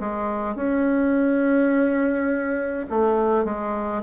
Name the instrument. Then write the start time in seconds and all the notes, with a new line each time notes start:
bassoon
0.00 G#3
0.56 C#4
2.90 A3
3.45 G#3